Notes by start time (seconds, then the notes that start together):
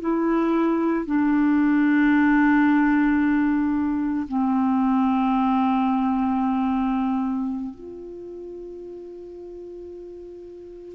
0.00 E4
1.06 D4
4.28 C4
7.74 F4